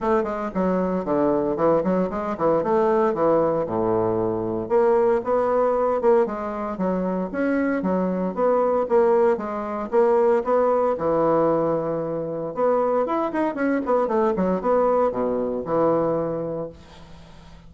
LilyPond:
\new Staff \with { instrumentName = "bassoon" } { \time 4/4 \tempo 4 = 115 a8 gis8 fis4 d4 e8 fis8 | gis8 e8 a4 e4 a,4~ | a,4 ais4 b4. ais8 | gis4 fis4 cis'4 fis4 |
b4 ais4 gis4 ais4 | b4 e2. | b4 e'8 dis'8 cis'8 b8 a8 fis8 | b4 b,4 e2 | }